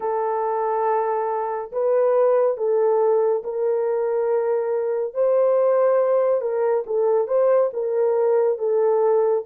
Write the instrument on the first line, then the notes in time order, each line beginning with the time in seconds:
horn
0.00 A4
1.71 B4
2.57 A4
3.43 A#4
5.14 C5
6.41 A#4
6.86 A4
7.27 C5
7.73 A#4
8.58 A4